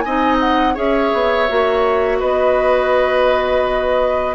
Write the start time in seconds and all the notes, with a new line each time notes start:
0.00 D#5 G#5
0.06 C4 D#4
0.40 F#5
0.75 C#4 G#4 C#5 E5
1.14 B3
1.49 A#3 F#4
2.20 B3 B4 D#5